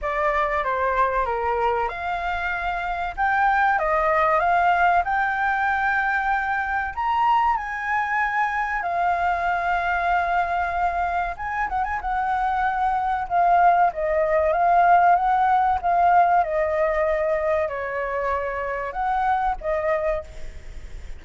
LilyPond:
\new Staff \with { instrumentName = "flute" } { \time 4/4 \tempo 4 = 95 d''4 c''4 ais'4 f''4~ | f''4 g''4 dis''4 f''4 | g''2. ais''4 | gis''2 f''2~ |
f''2 gis''8 fis''16 gis''16 fis''4~ | fis''4 f''4 dis''4 f''4 | fis''4 f''4 dis''2 | cis''2 fis''4 dis''4 | }